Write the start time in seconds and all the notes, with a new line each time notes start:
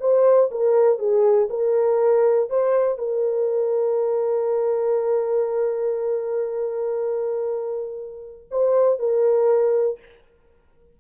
0.00 C5
0.51 A#4
0.99 G#4
1.50 A#4
2.50 C5
2.98 A#4
8.51 C5
8.99 A#4